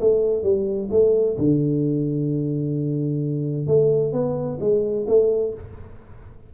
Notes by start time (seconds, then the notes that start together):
0.00 A3
0.43 G3
0.91 A3
1.38 D3
3.67 A3
4.13 B3
4.60 G#3
5.08 A3